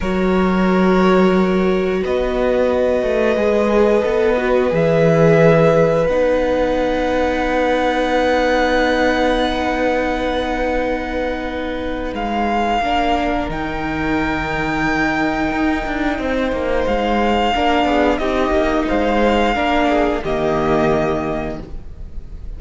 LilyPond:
<<
  \new Staff \with { instrumentName = "violin" } { \time 4/4 \tempo 4 = 89 cis''2. dis''4~ | dis''2. e''4~ | e''4 fis''2.~ | fis''1~ |
fis''2 f''2 | g''1~ | g''4 f''2 dis''4 | f''2 dis''2 | }
  \new Staff \with { instrumentName = "violin" } { \time 4/4 ais'2. b'4~ | b'1~ | b'1~ | b'1~ |
b'2. ais'4~ | ais'1 | c''2 ais'8 gis'8 g'4 | c''4 ais'8 gis'8 g'2 | }
  \new Staff \with { instrumentName = "viola" } { \time 4/4 fis'1~ | fis'4 gis'4 a'8 fis'8 gis'4~ | gis'4 dis'2.~ | dis'1~ |
dis'2. d'4 | dis'1~ | dis'2 d'4 dis'4~ | dis'4 d'4 ais2 | }
  \new Staff \with { instrumentName = "cello" } { \time 4/4 fis2. b4~ | b8 a8 gis4 b4 e4~ | e4 b2.~ | b1~ |
b2 gis4 ais4 | dis2. dis'8 d'8 | c'8 ais8 gis4 ais8 b8 c'8 ais8 | gis4 ais4 dis2 | }
>>